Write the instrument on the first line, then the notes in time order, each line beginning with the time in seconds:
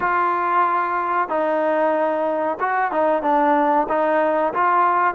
trombone
0.00 F4
1.28 D#4
2.60 F#4
2.91 D#4
3.22 D4
3.89 D#4
4.53 F4